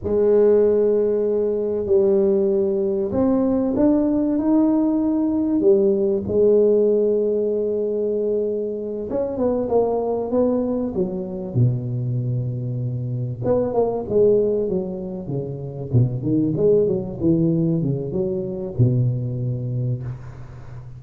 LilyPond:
\new Staff \with { instrumentName = "tuba" } { \time 4/4 \tempo 4 = 96 gis2. g4~ | g4 c'4 d'4 dis'4~ | dis'4 g4 gis2~ | gis2~ gis8 cis'8 b8 ais8~ |
ais8 b4 fis4 b,4.~ | b,4. b8 ais8 gis4 fis8~ | fis8 cis4 b,8 dis8 gis8 fis8 e8~ | e8 cis8 fis4 b,2 | }